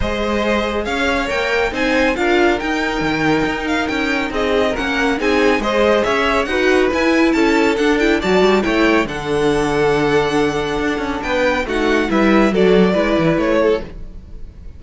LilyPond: <<
  \new Staff \with { instrumentName = "violin" } { \time 4/4 \tempo 4 = 139 dis''2 f''4 g''4 | gis''4 f''4 g''2~ | g''8 f''8 g''4 dis''4 fis''4 | gis''4 dis''4 e''4 fis''4 |
gis''4 a''4 fis''8 g''8 a''4 | g''4 fis''2.~ | fis''2 g''4 fis''4 | e''4 d''2 cis''4 | }
  \new Staff \with { instrumentName = "violin" } { \time 4/4 c''2 cis''2 | c''4 ais'2.~ | ais'2 gis'4 ais'4 | gis'4 c''4 cis''4 b'4~ |
b'4 a'2 d''4 | cis''4 a'2.~ | a'2 b'4 fis'4 | b'4 a'4 b'4. a'8 | }
  \new Staff \with { instrumentName = "viola" } { \time 4/4 gis'2. ais'4 | dis'4 f'4 dis'2~ | dis'2. cis'4 | dis'4 gis'2 fis'4 |
e'2 d'8 e'8 fis'4 | e'4 d'2.~ | d'2. dis'4 | e'4 fis'4 e'2 | }
  \new Staff \with { instrumentName = "cello" } { \time 4/4 gis2 cis'4 ais4 | c'4 d'4 dis'4 dis4 | dis'4 cis'4 c'4 ais4 | c'4 gis4 cis'4 dis'4 |
e'4 cis'4 d'4 fis8 g8 | a4 d2.~ | d4 d'8 cis'8 b4 a4 | g4 fis4 gis8 e8 a4 | }
>>